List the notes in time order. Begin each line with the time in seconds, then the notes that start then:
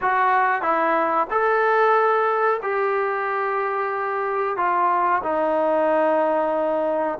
0.01 F#4
0.61 E4
1.30 A4
2.62 G4
4.56 F4
5.23 D#4